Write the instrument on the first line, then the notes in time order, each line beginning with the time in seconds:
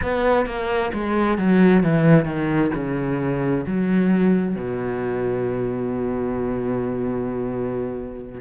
cello
0.02 B3
0.45 A#3
0.93 G#3
1.38 F#3
1.83 E3
2.25 D#3
2.74 C#3
3.66 F#3
4.55 B2